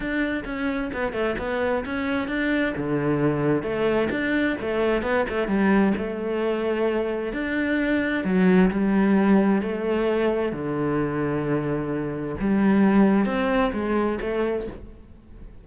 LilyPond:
\new Staff \with { instrumentName = "cello" } { \time 4/4 \tempo 4 = 131 d'4 cis'4 b8 a8 b4 | cis'4 d'4 d2 | a4 d'4 a4 b8 a8 | g4 a2. |
d'2 fis4 g4~ | g4 a2 d4~ | d2. g4~ | g4 c'4 gis4 a4 | }